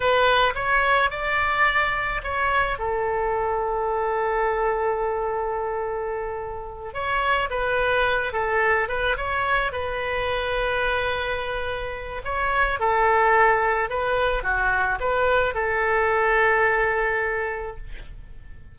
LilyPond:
\new Staff \with { instrumentName = "oboe" } { \time 4/4 \tempo 4 = 108 b'4 cis''4 d''2 | cis''4 a'2.~ | a'1~ | a'8 cis''4 b'4. a'4 |
b'8 cis''4 b'2~ b'8~ | b'2 cis''4 a'4~ | a'4 b'4 fis'4 b'4 | a'1 | }